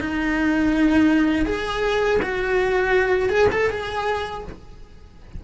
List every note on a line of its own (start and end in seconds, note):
0.00 1.46 D#4
1.46 2.20 G#4
2.22 3.30 F#4
3.30 3.48 G#4
3.52 3.70 A4
3.70 4.44 G#4